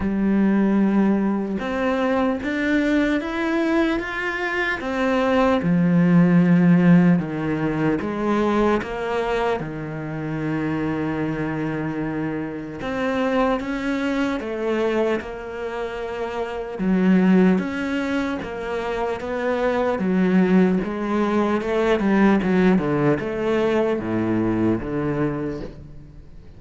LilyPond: \new Staff \with { instrumentName = "cello" } { \time 4/4 \tempo 4 = 75 g2 c'4 d'4 | e'4 f'4 c'4 f4~ | f4 dis4 gis4 ais4 | dis1 |
c'4 cis'4 a4 ais4~ | ais4 fis4 cis'4 ais4 | b4 fis4 gis4 a8 g8 | fis8 d8 a4 a,4 d4 | }